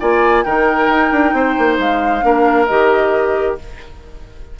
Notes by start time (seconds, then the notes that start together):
0.00 A#3 F4 D5 G#5
0.43 D#3 D#4 A#4 G5
0.89 D#4
1.11 D4
1.33 C4 C5
1.58 A#3
1.78 G#3 F5
2.21 A#3 D4 A#4
2.66 D#3 G4 D#5